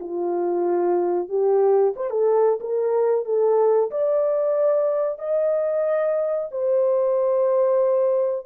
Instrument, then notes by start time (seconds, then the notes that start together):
horn
0.00 F4
1.29 G4
1.96 C5
2.10 A4
2.60 A#4
3.25 A4
3.90 D5
5.18 D#5
6.51 C5